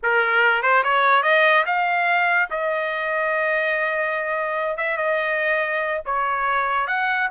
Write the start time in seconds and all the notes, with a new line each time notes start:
0.02 A#4
0.62 C5
0.83 C#5
1.22 D#5
1.66 F5
2.50 D#5
4.77 E5
4.97 D#5
6.05 C#5
6.87 F#5